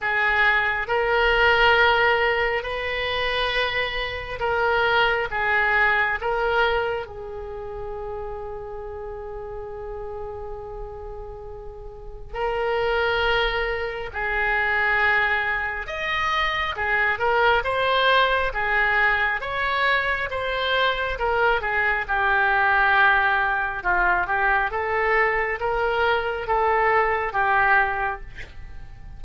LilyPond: \new Staff \with { instrumentName = "oboe" } { \time 4/4 \tempo 4 = 68 gis'4 ais'2 b'4~ | b'4 ais'4 gis'4 ais'4 | gis'1~ | gis'2 ais'2 |
gis'2 dis''4 gis'8 ais'8 | c''4 gis'4 cis''4 c''4 | ais'8 gis'8 g'2 f'8 g'8 | a'4 ais'4 a'4 g'4 | }